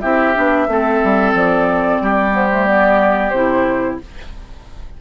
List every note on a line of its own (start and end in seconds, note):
0.00 0.36 C4
0.00 0.35 E4
0.00 0.67 G4
0.00 1.32 E5
0.35 0.67 B3
0.35 0.68 D4
0.67 1.00 A3
0.67 2.32 C4
0.67 2.02 A4
1.04 1.34 G3
1.34 2.00 F3
1.34 2.34 D5
2.01 3.32 G3
2.01 4.00 G4
2.32 2.48 B3
2.32 2.66 C5
2.51 2.66 A3
2.66 3.32 B3
2.66 3.30 D5
3.30 3.98 C3
3.30 4.01 E4
3.30 3.96 C5